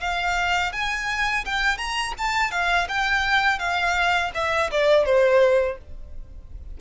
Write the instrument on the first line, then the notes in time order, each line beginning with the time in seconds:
violin
0.00 F5
0.72 G#5
1.45 G5
1.78 A#5
2.18 A5
2.51 F5
2.88 G5
3.59 F5
4.34 E5
4.71 D5
5.05 C5